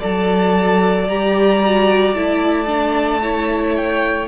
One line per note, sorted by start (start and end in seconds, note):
0.00 1.09 F#3
0.00 1.08 A4
0.00 3.21 D5
0.00 1.09 A5
1.08 2.16 G3
1.08 1.62 G4
1.08 2.14 A#5
1.65 2.15 F#4
2.14 4.28 A3
2.14 2.67 E4
2.14 3.75 A5
2.67 3.21 D4
3.23 4.28 E4
3.23 4.28 C#5
3.77 4.28 G5